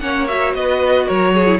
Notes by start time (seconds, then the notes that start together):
0.00 A#3 C#4 C#5 F#5
0.27 F#4 E5
0.54 B3 B4 D#5
1.07 F#3 A#4 C#5
1.34 G#4
1.47 E4